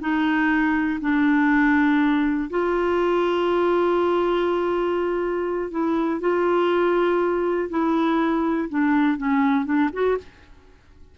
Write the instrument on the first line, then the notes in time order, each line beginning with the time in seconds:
clarinet
0.00 D#4
1.01 D4
2.50 F4
5.70 E4
6.20 F4
7.69 E4
8.69 D4
9.17 C#4
9.65 D4
9.93 F#4